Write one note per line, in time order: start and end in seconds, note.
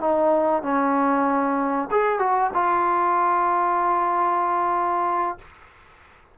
0.00 0.63 D#4
0.63 1.89 C#4
1.91 2.19 G#4
2.19 2.51 F#4
2.54 5.38 F4